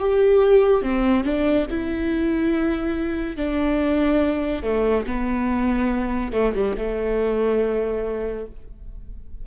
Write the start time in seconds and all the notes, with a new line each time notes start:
0.00 G4
0.83 C4
1.24 D4
1.71 E4
3.37 D4
4.63 A3
5.07 B3
6.33 A3
6.55 G3
6.78 A3